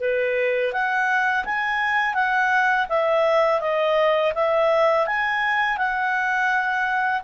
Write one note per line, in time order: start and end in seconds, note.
0.00 0.72 B4
0.72 1.45 F#5
1.45 2.14 G#5
2.14 2.86 F#5
2.89 3.60 E5
3.60 4.33 D#5
4.34 5.06 E5
5.06 5.77 G#5
5.77 7.22 F#5